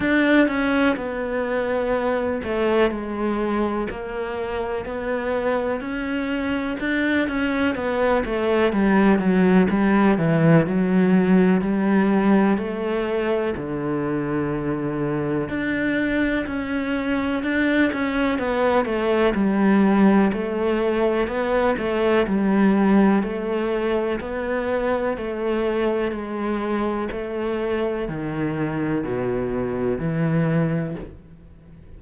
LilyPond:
\new Staff \with { instrumentName = "cello" } { \time 4/4 \tempo 4 = 62 d'8 cis'8 b4. a8 gis4 | ais4 b4 cis'4 d'8 cis'8 | b8 a8 g8 fis8 g8 e8 fis4 | g4 a4 d2 |
d'4 cis'4 d'8 cis'8 b8 a8 | g4 a4 b8 a8 g4 | a4 b4 a4 gis4 | a4 dis4 b,4 e4 | }